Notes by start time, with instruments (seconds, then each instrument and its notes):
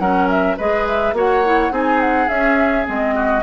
0.00 bassoon F#3, clarinet C#4, oboe A#4, flute F#5
0.30 flute E5
0.57 bassoon G#3, clarinet G#4, oboe B4, flute D#5
0.88 flute E5
1.13 bassoon A#3, clarinet F#4, oboe C#5, flute F#5
1.45 clarinet E4
1.71 bassoon C4, clarinet D#4, oboe G#4, flute G#5
2.01 flute F#5
2.29 clarinet C#4, bassoon C#4, flute E5
2.86 bassoon G#3, clarinet C4, flute D#5
3.15 oboe F#4